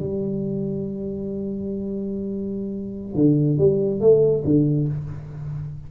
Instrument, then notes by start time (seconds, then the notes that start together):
tuba
0.00 G3
3.15 D3
3.58 G3
4.01 A3
4.45 D3